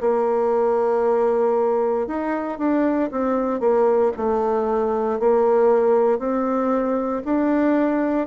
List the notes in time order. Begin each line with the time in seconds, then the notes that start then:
0.00 A#3
2.07 D#4
2.58 D4
3.11 C4
3.60 A#3
4.17 A3
5.19 A#3
6.19 C4
7.25 D4